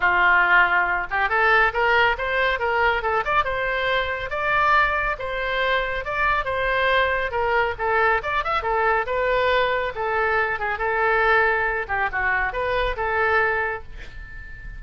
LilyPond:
\new Staff \with { instrumentName = "oboe" } { \time 4/4 \tempo 4 = 139 f'2~ f'8 g'8 a'4 | ais'4 c''4 ais'4 a'8 d''8 | c''2 d''2 | c''2 d''4 c''4~ |
c''4 ais'4 a'4 d''8 e''8 | a'4 b'2 a'4~ | a'8 gis'8 a'2~ a'8 g'8 | fis'4 b'4 a'2 | }